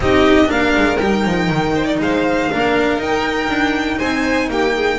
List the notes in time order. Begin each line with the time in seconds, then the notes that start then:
0.00 C4 D#4 G4 D#5
0.46 A#3 D4 A#4 F5
0.76 G#3
0.97 G3 D#4 G5
1.24 F3
1.49 D#3
1.75 C5
1.85 D5
1.99 G#3 C5 F5
2.51 A#3 D4 A#4
2.97 D#4 G5
3.49 D4
3.97 C4 C5 G#5
4.49 A#3 G4 G5
4.75 G#4